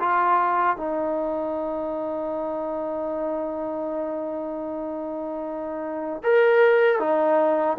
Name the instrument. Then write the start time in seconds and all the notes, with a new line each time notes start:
trombone
0.00 F4
0.77 D#4
6.24 A#4
7.00 D#4